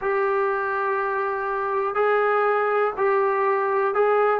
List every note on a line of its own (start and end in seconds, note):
0.01 1.94 G4
1.94 2.93 G#4
2.97 3.94 G4
3.94 4.40 G#4